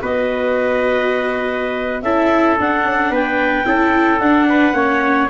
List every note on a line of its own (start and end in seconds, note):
0.00 2.03 B3
0.00 2.03 F#4
0.00 2.04 B4
0.00 2.02 D#5
2.02 2.57 C#4
2.02 2.59 E4
2.02 3.11 A4
2.02 2.56 E5
2.59 3.65 D4
2.59 2.85 D4
2.59 3.14 F#5
2.85 3.10 C#4
3.10 3.64 B3
3.10 3.65 B4
3.10 4.20 G5
3.65 4.20 C#4
3.65 4.19 E4
3.65 4.48 A4
4.20 4.74 D4
4.20 4.73 D4
4.20 5.28 F#5
4.49 4.75 B4
4.73 5.28 A#3
4.73 5.27 C#4
4.73 5.29 C#5